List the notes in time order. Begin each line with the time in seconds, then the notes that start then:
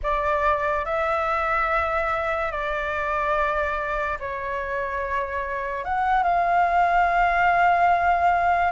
0.02 D5
0.85 E5
2.52 D5
4.19 C#5
5.84 F#5
6.23 F5